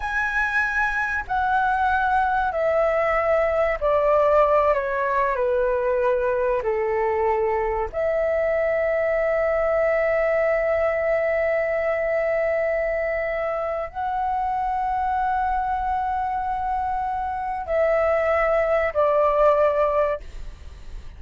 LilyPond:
\new Staff \with { instrumentName = "flute" } { \time 4/4 \tempo 4 = 95 gis''2 fis''2 | e''2 d''4. cis''8~ | cis''8 b'2 a'4.~ | a'8 e''2.~ e''8~ |
e''1~ | e''2 fis''2~ | fis''1 | e''2 d''2 | }